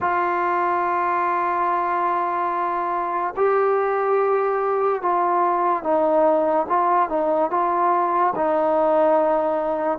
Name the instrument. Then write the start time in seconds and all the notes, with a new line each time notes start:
trombone
0.00 F4
3.36 G4
5.02 F4
5.83 D#4
6.68 F4
7.09 D#4
7.50 F4
8.35 D#4